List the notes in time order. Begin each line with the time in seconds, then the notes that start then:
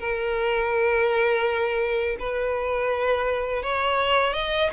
0.00 A#4
2.20 B4
3.63 C#5
4.34 D#5